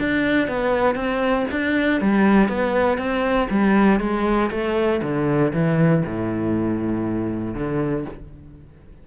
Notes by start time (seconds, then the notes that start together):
0.00 D4
0.48 B3
0.96 C4
1.52 D4
2.02 G3
2.49 B3
2.98 C4
3.50 G3
4.00 G#3
4.51 A3
5.03 D3
5.54 E3
6.06 A2
7.55 D3